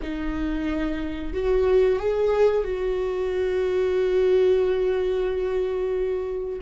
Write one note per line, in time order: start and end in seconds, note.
0.02 1.33 D#4
1.33 1.99 F#4
1.99 2.64 G#4
2.64 6.59 F#4